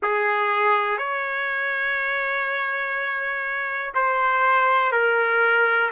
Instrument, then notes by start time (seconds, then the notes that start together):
trumpet
0.02 G#4
0.98 C#5
3.94 C5
4.92 A#4